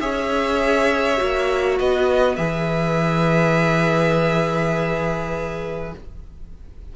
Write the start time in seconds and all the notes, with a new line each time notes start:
0.00 C#4 G#4 C#5 E5
1.16 A#3 F#4
1.79 B3 B4 D#5
2.36 E3 G#4 E5